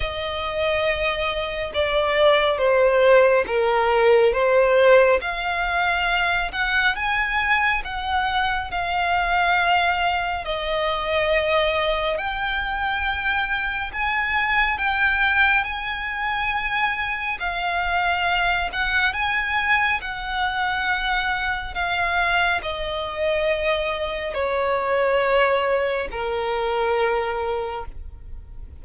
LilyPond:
\new Staff \with { instrumentName = "violin" } { \time 4/4 \tempo 4 = 69 dis''2 d''4 c''4 | ais'4 c''4 f''4. fis''8 | gis''4 fis''4 f''2 | dis''2 g''2 |
gis''4 g''4 gis''2 | f''4. fis''8 gis''4 fis''4~ | fis''4 f''4 dis''2 | cis''2 ais'2 | }